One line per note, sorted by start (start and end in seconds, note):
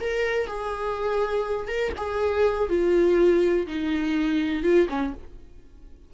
0.00 0.47 A#4
0.47 1.68 G#4
1.68 1.92 A#4
1.97 2.69 G#4
2.69 3.66 F4
3.67 4.63 D#4
4.63 4.87 F4
4.89 5.13 C#4